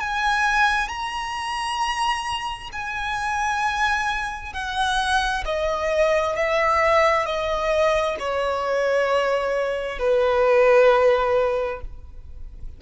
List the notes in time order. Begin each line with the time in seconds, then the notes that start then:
0.00 G#5
0.88 A#5
2.73 G#5
4.53 F#5
5.45 D#5
6.36 E5
7.26 D#5
8.20 C#5
9.99 B4